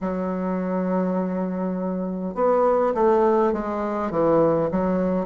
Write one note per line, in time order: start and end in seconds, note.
0.00 2.35 F#3
2.35 2.94 B3
2.94 3.52 A3
3.52 4.10 G#3
4.10 4.69 E3
4.71 5.26 F#3